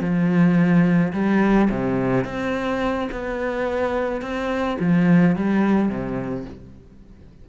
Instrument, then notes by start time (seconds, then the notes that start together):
cello
0.00 F3
1.12 G3
1.69 C3
2.24 C4
3.11 B3
4.21 C4
4.79 F3
5.36 G3
5.88 C3